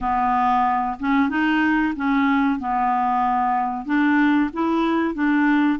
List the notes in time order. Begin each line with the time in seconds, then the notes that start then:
0.00 B3
0.99 C#4
1.29 D#4
1.95 C#4
2.59 B3
3.85 D4
4.53 E4
5.14 D4